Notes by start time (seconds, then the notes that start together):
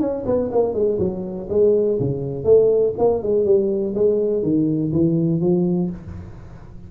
0.00 C#4
0.25 B3
0.52 A#3
0.74 G#3
0.99 F#3
1.50 G#3
2.00 C#3
2.44 A3
2.98 A#3
3.22 G#3
3.45 G3
3.95 G#3
4.42 D#3
4.92 E3
5.40 F3